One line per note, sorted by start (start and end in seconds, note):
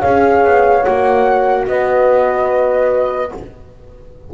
0.00 0.45 C#4
0.00 0.83 G#4
0.00 1.64 C#5
0.00 0.84 F5
0.45 0.86 B3
0.83 1.68 A#3
0.83 3.29 F#4
0.83 1.66 F#5
1.68 3.32 B3
1.68 3.35 B4
1.68 3.32 D#5